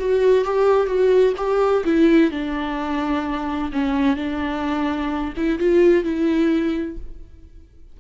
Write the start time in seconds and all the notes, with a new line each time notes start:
0.00 F#4
0.45 G4
0.87 F#4
1.37 G4
1.85 E4
2.31 D4
3.73 C#4
4.17 D4
5.37 E4
5.59 F4
6.04 E4